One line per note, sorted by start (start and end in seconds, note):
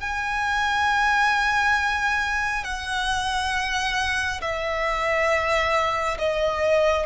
0.00 2.64 G#5
2.64 4.41 F#5
4.41 6.18 E5
6.18 7.06 D#5